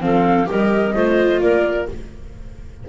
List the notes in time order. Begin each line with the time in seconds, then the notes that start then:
0.00 F3 C4 A4 F5
0.45 G3 G4 A#4 D#5
0.94 A3 F4 C5
1.40 A#3 A#4 D5